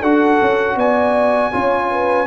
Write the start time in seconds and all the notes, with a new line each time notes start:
0.00 D4 F#4 A4 F#5
0.41 C#4
0.76 B3 D5 G#5
1.52 C#4 F4 C#5
1.91 B4